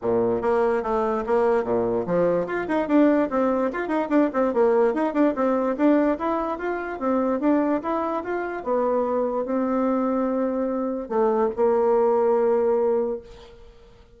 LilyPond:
\new Staff \with { instrumentName = "bassoon" } { \time 4/4 \tempo 4 = 146 ais,4 ais4 a4 ais4 | ais,4 f4 f'8 dis'8 d'4 | c'4 f'8 dis'8 d'8 c'8 ais4 | dis'8 d'8 c'4 d'4 e'4 |
f'4 c'4 d'4 e'4 | f'4 b2 c'4~ | c'2. a4 | ais1 | }